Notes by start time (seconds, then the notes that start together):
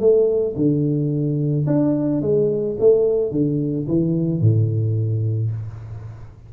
0.00 A3
0.56 D3
1.67 D4
2.22 G#3
2.80 A3
3.31 D3
3.88 E3
4.41 A2